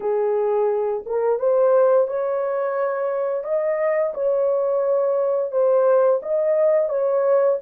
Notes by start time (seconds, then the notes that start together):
0.00 G#4
1.06 A#4
1.39 C5
2.07 C#5
3.44 D#5
4.14 C#5
5.51 C5
6.22 D#5
6.89 C#5